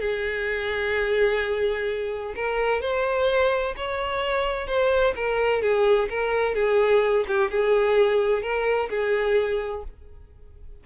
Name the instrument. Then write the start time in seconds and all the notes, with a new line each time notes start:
violin
0.00 G#4
2.35 A#4
2.81 C5
3.76 C#5
4.67 C5
5.15 A#4
5.62 G#4
6.09 A#4
6.55 G#4
7.27 G4
7.50 G#4
8.42 A#4
8.89 G#4